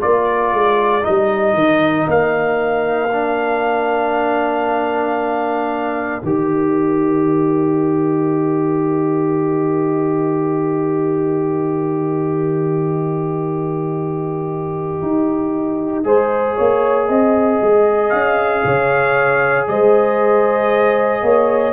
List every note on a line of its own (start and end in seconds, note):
0.00 0.53 A#3
0.00 1.02 F4
0.00 16.04 A#4
0.00 1.04 D5
0.53 1.05 G#3
1.02 3.08 D#4
1.02 2.08 D#5
1.08 1.53 G3
1.53 2.05 D#3
2.07 6.21 A#3
2.07 6.23 F5
3.12 6.22 D4
6.23 15.02 D#3
6.23 16.03 G4
6.23 18.09 D#5
15.02 16.04 D#4
16.03 16.56 G#3
16.03 21.72 G#4
16.03 16.55 C5
16.55 17.09 A#3
16.55 17.07 C#5
17.09 17.61 C4
17.09 18.64 D#5
17.61 18.12 G#3
18.09 18.64 C#4
18.09 19.64 F5
18.64 19.67 C#3
18.64 19.68 C#5
19.67 21.22 G#3
19.67 21.23 C5
19.67 21.73 D#5
21.22 21.73 A#3
21.22 21.73 C#5